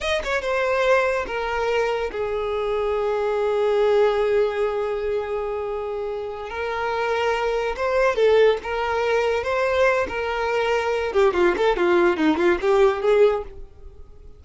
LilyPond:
\new Staff \with { instrumentName = "violin" } { \time 4/4 \tempo 4 = 143 dis''8 cis''8 c''2 ais'4~ | ais'4 gis'2.~ | gis'1~ | gis'2.~ gis'8 ais'8~ |
ais'2~ ais'8 c''4 a'8~ | a'8 ais'2 c''4. | ais'2~ ais'8 g'8 f'8 a'8 | f'4 dis'8 f'8 g'4 gis'4 | }